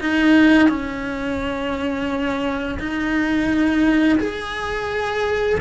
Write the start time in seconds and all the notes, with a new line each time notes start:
0.00 D#4
0.69 C#4
2.79 D#4
4.19 G#4